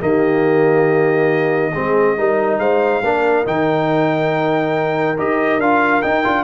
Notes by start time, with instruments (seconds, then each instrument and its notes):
0.00 tuba D#3, trombone A#3, horn G4, trumpet D#5
1.72 tuba G#3, trombone C4, horn G#4
2.17 tuba G3, trombone D#4, horn A#4
2.58 tuba G#3, horn C5, trumpet F5
3.02 tuba A#3, trombone D4, horn A#4
3.45 tuba D#3, trombone D#4, trumpet G5
5.18 tuba D#4, trombone G4, trumpet D#5
5.58 tuba D4, trombone F4, trumpet F5
6.02 trombone D#4, tuba D#4, trumpet G5
6.24 tuba D4, trombone F4